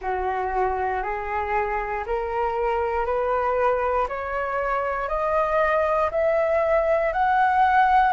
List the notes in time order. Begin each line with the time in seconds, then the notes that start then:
0.00 F#4
1.02 G#4
2.06 A#4
3.05 B4
4.08 C#5
5.08 D#5
6.11 E5
7.12 F#5